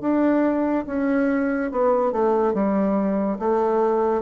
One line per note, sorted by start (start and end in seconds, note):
0.00 0.85 D4
0.86 1.71 C#4
1.71 2.12 B3
2.12 2.53 A3
2.53 3.38 G3
3.39 4.22 A3